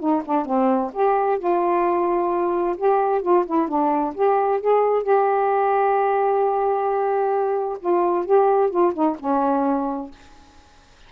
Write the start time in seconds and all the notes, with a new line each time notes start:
0.00 D#4
0.25 D4
0.46 C4
0.93 G4
1.39 F4
2.77 G4
3.22 F4
3.46 E4
3.68 D4
4.15 G4
4.61 G#4
5.03 G4
7.80 F4
8.26 G4
8.70 F4
8.94 D#4
9.19 C#4